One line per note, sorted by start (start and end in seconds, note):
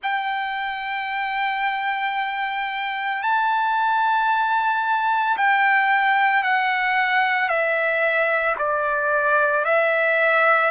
0.02 3.22 G5
3.22 5.36 A5
5.37 6.43 G5
6.43 7.48 F#5
7.48 8.55 E5
8.58 9.64 D5
9.64 10.70 E5